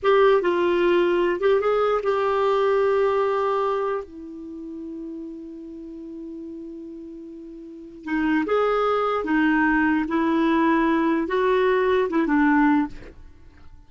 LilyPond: \new Staff \with { instrumentName = "clarinet" } { \time 4/4 \tempo 4 = 149 g'4 f'2~ f'8 g'8 | gis'4 g'2.~ | g'2 e'2~ | e'1~ |
e'1 | dis'4 gis'2 dis'4~ | dis'4 e'2. | fis'2 e'8 d'4. | }